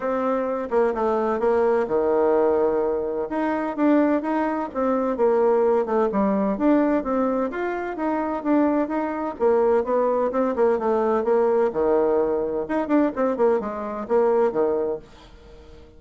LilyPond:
\new Staff \with { instrumentName = "bassoon" } { \time 4/4 \tempo 4 = 128 c'4. ais8 a4 ais4 | dis2. dis'4 | d'4 dis'4 c'4 ais4~ | ais8 a8 g4 d'4 c'4 |
f'4 dis'4 d'4 dis'4 | ais4 b4 c'8 ais8 a4 | ais4 dis2 dis'8 d'8 | c'8 ais8 gis4 ais4 dis4 | }